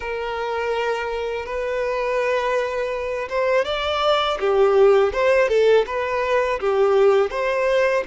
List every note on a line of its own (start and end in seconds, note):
0.00 1.45 A#4
1.45 3.28 B4
3.29 3.65 C5
3.65 4.38 D5
4.40 5.12 G4
5.12 5.48 C5
5.48 5.85 A4
5.86 6.59 B4
6.60 7.30 G4
7.30 8.03 C5